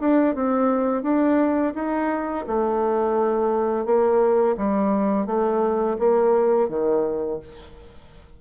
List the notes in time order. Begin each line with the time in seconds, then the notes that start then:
0.00 D4
0.35 C4
1.02 D4
1.74 D#4
2.47 A3
3.85 A#3
4.57 G3
5.26 A3
5.98 A#3
6.68 D#3